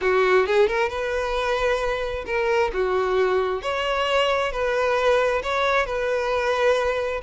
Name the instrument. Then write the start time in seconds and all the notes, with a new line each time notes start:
violin
0.01 F#4
0.46 G#4
0.67 A#4
0.89 B4
2.26 A#4
2.73 F#4
3.62 C#5
4.51 B4
5.43 C#5
5.85 B4